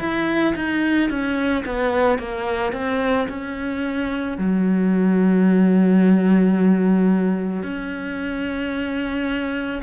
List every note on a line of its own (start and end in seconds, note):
0.00 0.55 E4
0.56 1.10 D#4
1.10 1.65 C#4
1.66 2.19 B3
2.19 2.73 A#3
2.73 3.28 C4
3.29 4.38 C#4
4.38 7.64 F#3
7.64 9.82 C#4